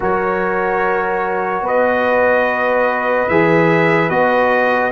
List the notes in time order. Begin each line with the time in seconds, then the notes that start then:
0.00 F#3 F#4 A#4 C#5
1.61 B3 B4 D#5
3.28 E3 G#4 E5
4.09 B3 F#4 D#5